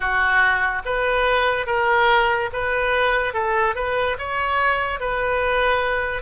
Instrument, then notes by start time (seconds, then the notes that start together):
oboe
0.00 F#4
0.85 B4
1.66 A#4
2.52 B4
3.33 A4
3.75 B4
4.18 C#5
5.00 B4